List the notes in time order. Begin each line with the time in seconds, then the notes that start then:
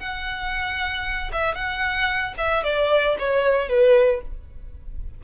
0.00 F#5
1.33 E5
1.55 F#5
2.38 E5
2.64 D5
3.19 C#5
3.69 B4